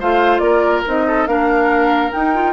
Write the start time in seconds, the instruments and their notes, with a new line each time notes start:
0.00 bassoon A3, clarinet F4, oboe C5, flute F5
0.39 bassoon A#3, oboe A#4, flute D5
0.86 bassoon C4, clarinet D#4, flute D#5
1.08 oboe A4
1.27 bassoon A#3, clarinet D4, oboe A#4, flute F5
2.12 clarinet D#4, bassoon D#4, flute G5
2.35 clarinet F4